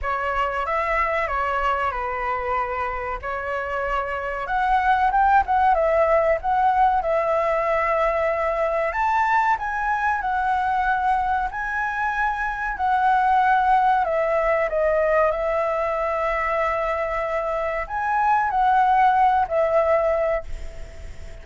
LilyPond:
\new Staff \with { instrumentName = "flute" } { \time 4/4 \tempo 4 = 94 cis''4 e''4 cis''4 b'4~ | b'4 cis''2 fis''4 | g''8 fis''8 e''4 fis''4 e''4~ | e''2 a''4 gis''4 |
fis''2 gis''2 | fis''2 e''4 dis''4 | e''1 | gis''4 fis''4. e''4. | }